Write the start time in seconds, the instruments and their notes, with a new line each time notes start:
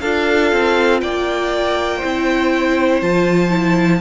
0.00 cello D4, viola F4, violin A4 F5
0.52 cello C4
1.00 cello A#3, violin D5 G5
1.97 viola E4, violin C5
2.04 cello C4
3.01 cello F3, viola F4, violin A5
3.50 viola E4